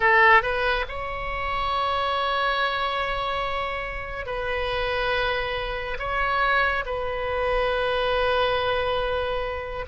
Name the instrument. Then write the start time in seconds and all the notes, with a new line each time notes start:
oboe
0.00 A4
0.42 B4
0.88 C#5
4.26 B4
5.98 C#5
6.85 B4